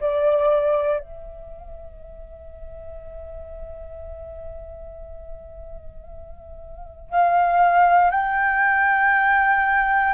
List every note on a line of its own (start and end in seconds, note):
0.00 1.00 D5
1.00 7.10 E5
7.10 8.11 F5
8.11 10.13 G5